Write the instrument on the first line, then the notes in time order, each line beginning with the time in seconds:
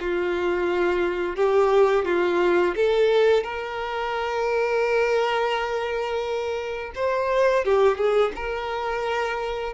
violin
0.00 F4
1.36 G4
2.05 F4
2.76 A4
3.43 A#4
6.95 C5
7.65 G4
7.97 G#4
8.35 A#4